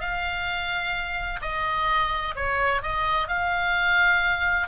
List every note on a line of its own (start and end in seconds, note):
0.00 1.40 F5
1.41 2.34 D#5
2.35 2.82 C#5
2.82 3.27 D#5
3.27 4.67 F5